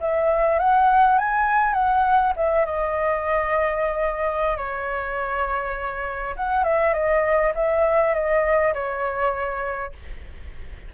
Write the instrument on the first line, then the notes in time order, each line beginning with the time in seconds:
flute
0.00 E5
0.59 F#5
1.18 G#5
1.74 F#5
2.36 E5
2.65 D#5
4.57 C#5
6.36 F#5
6.64 E5
6.93 D#5
7.55 E5
8.14 D#5
8.74 C#5